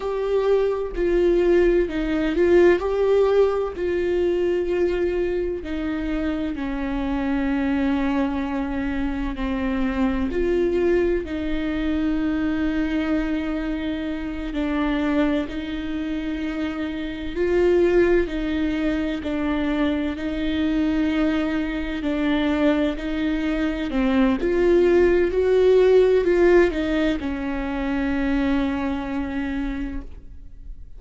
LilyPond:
\new Staff \with { instrumentName = "viola" } { \time 4/4 \tempo 4 = 64 g'4 f'4 dis'8 f'8 g'4 | f'2 dis'4 cis'4~ | cis'2 c'4 f'4 | dis'2.~ dis'8 d'8~ |
d'8 dis'2 f'4 dis'8~ | dis'8 d'4 dis'2 d'8~ | d'8 dis'4 c'8 f'4 fis'4 | f'8 dis'8 cis'2. | }